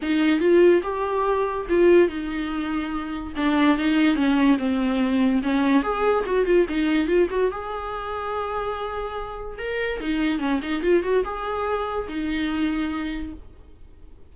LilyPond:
\new Staff \with { instrumentName = "viola" } { \time 4/4 \tempo 4 = 144 dis'4 f'4 g'2 | f'4 dis'2. | d'4 dis'4 cis'4 c'4~ | c'4 cis'4 gis'4 fis'8 f'8 |
dis'4 f'8 fis'8 gis'2~ | gis'2. ais'4 | dis'4 cis'8 dis'8 f'8 fis'8 gis'4~ | gis'4 dis'2. | }